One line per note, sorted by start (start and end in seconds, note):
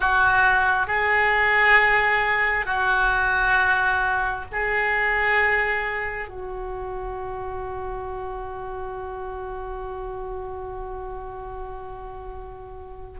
0.00 0.87 F#4
0.87 2.65 G#4
2.65 4.45 F#4
4.52 6.28 G#4
6.28 13.19 F#4